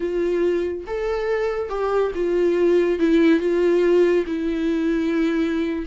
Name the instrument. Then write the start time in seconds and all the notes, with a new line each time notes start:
viola
0.00 F4
0.86 A4
1.69 G4
2.14 F4
2.99 E4
3.39 F4
4.26 E4